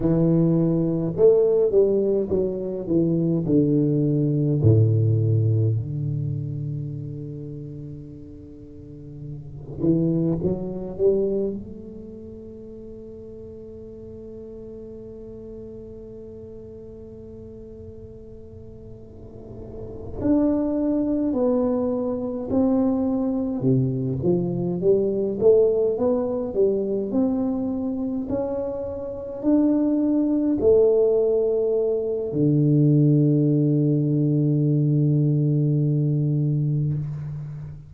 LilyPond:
\new Staff \with { instrumentName = "tuba" } { \time 4/4 \tempo 4 = 52 e4 a8 g8 fis8 e8 d4 | a,4 d2.~ | d8 e8 fis8 g8 a2~ | a1~ |
a4. d'4 b4 c'8~ | c'8 c8 f8 g8 a8 b8 g8 c'8~ | c'8 cis'4 d'4 a4. | d1 | }